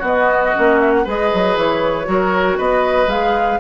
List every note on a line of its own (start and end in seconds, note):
0.00 0.53 B3
0.00 0.54 B3
0.00 1.02 F#4
0.00 0.80 D#5
0.54 1.06 A#3
0.54 1.05 C#4
0.80 0.93 E5
0.93 1.06 F#5
1.05 1.32 G#3
1.05 2.05 G#4
1.05 2.06 B4
1.05 1.58 D#5
1.34 1.56 F#3
1.56 2.07 E3
1.56 2.59 C#5
2.05 2.59 F#3
2.05 3.07 F#4
2.05 2.58 A#4
2.58 3.07 B3
2.58 3.59 B4
2.58 3.10 D#5
3.07 3.58 G#3
3.07 3.60 G#4
3.07 3.60 F5